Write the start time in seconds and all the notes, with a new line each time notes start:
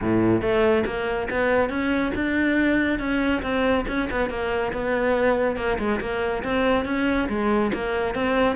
0.01 A2
0.41 A3
0.85 A#3
1.30 B3
1.69 C#4
2.14 D4
2.99 C#4
3.42 C4
3.87 C#4
4.10 B3
4.29 A#3
4.72 B3
5.56 A#3
5.78 G#3
6.00 A#3
6.43 C4
6.85 C#4
7.29 G#3
7.73 A#3
8.14 C4